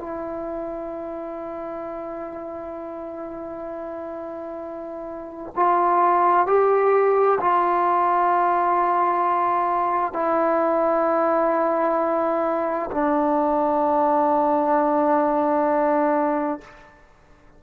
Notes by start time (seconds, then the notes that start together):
0.00 E4
5.56 F4
6.47 G4
7.41 F4
10.13 E4
12.91 D4